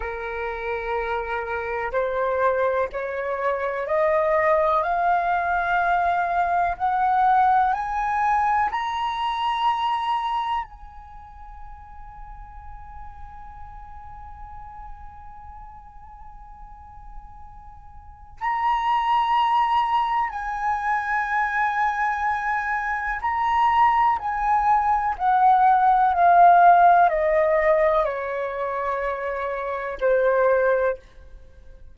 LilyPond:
\new Staff \with { instrumentName = "flute" } { \time 4/4 \tempo 4 = 62 ais'2 c''4 cis''4 | dis''4 f''2 fis''4 | gis''4 ais''2 gis''4~ | gis''1~ |
gis''2. ais''4~ | ais''4 gis''2. | ais''4 gis''4 fis''4 f''4 | dis''4 cis''2 c''4 | }